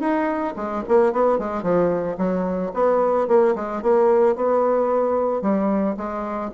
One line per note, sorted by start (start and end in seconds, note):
0.00 0.54 D#4
0.56 0.83 G#3
0.88 1.13 A#3
1.13 1.39 B3
1.39 1.63 G#3
1.63 2.17 F3
2.18 2.72 F#3
2.74 3.28 B3
3.28 3.55 A#3
3.55 3.82 G#3
3.82 4.36 A#3
4.36 5.42 B3
5.42 5.96 G3
5.97 6.51 G#3